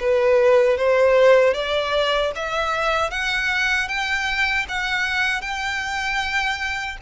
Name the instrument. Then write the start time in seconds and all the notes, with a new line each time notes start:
violin
0.00 B4
0.78 C5
1.54 D5
2.36 E5
3.11 F#5
3.89 G5
4.69 F#5
5.41 G5